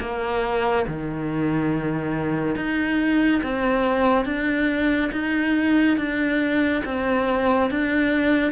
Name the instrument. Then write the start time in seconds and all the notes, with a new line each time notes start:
cello
0.00 A#3
0.87 D#3
2.56 D#4
3.43 C4
4.25 D4
5.12 D#4
5.97 D4
6.85 C4
7.70 D4